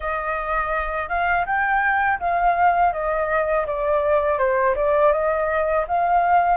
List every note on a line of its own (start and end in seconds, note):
0.00 1.08 D#5
1.08 1.45 F5
1.46 2.19 G5
2.19 2.92 F5
2.93 3.66 D#5
3.66 4.38 D5
4.38 4.75 C5
4.75 5.12 D5
5.12 5.85 D#5
5.87 6.57 F5